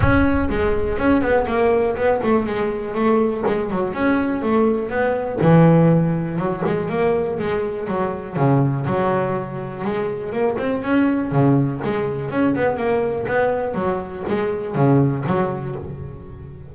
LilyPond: \new Staff \with { instrumentName = "double bass" } { \time 4/4 \tempo 4 = 122 cis'4 gis4 cis'8 b8 ais4 | b8 a8 gis4 a4 gis8 fis8 | cis'4 a4 b4 e4~ | e4 fis8 gis8 ais4 gis4 |
fis4 cis4 fis2 | gis4 ais8 c'8 cis'4 cis4 | gis4 cis'8 b8 ais4 b4 | fis4 gis4 cis4 fis4 | }